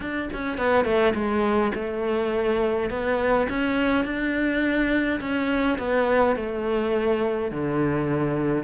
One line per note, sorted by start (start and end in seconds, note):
0.00 0.29 D4
0.33 0.57 C#4
0.57 0.84 B3
0.84 1.13 A3
1.14 1.72 G#3
1.74 2.90 A3
2.90 3.47 B3
3.49 4.04 C#4
4.04 5.19 D4
5.20 5.78 C#4
5.78 6.36 B3
6.36 7.51 A3
7.51 8.63 D3